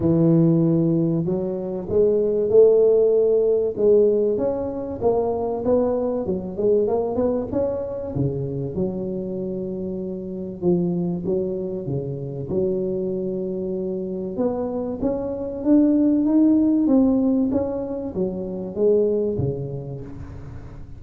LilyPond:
\new Staff \with { instrumentName = "tuba" } { \time 4/4 \tempo 4 = 96 e2 fis4 gis4 | a2 gis4 cis'4 | ais4 b4 fis8 gis8 ais8 b8 | cis'4 cis4 fis2~ |
fis4 f4 fis4 cis4 | fis2. b4 | cis'4 d'4 dis'4 c'4 | cis'4 fis4 gis4 cis4 | }